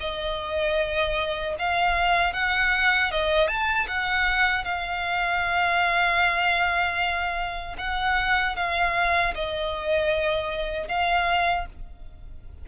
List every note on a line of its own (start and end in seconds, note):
0.00 1.56 D#5
1.59 2.33 F5
2.33 3.11 F#5
3.11 3.48 D#5
3.48 3.87 A5
3.88 4.65 F#5
4.65 7.76 F5
7.78 8.56 F#5
8.56 9.34 F5
9.35 10.88 D#5
10.88 11.66 F5